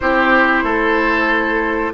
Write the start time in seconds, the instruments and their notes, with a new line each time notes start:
0.00 bassoon C4, clarinet E4, oboe G4, flute C5
0.63 bassoon A3, oboe A4